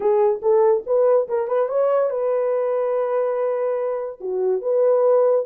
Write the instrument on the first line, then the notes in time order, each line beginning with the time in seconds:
horn
0.00 G#4
0.42 A4
0.86 B4
1.28 A#4
1.47 B4
1.68 C#5
2.10 B4
4.20 F#4
4.61 B4